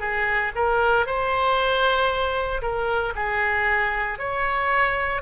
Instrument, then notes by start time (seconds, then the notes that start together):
oboe
0.00 G#4
0.55 A#4
1.06 C5
2.61 A#4
3.16 G#4
4.19 C#5